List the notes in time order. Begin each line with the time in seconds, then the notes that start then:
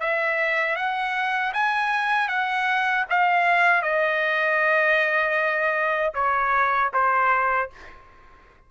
0.00 E5
0.76 F#5
1.53 G#5
2.28 F#5
3.10 F5
3.82 D#5
6.14 C#5
6.93 C5